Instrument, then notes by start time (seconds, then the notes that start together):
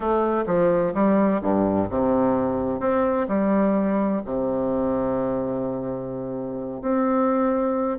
bassoon
0.00 A3
0.46 F3
0.94 G3
1.41 G2
1.89 C3
2.80 C4
3.27 G3
4.25 C3
6.81 C4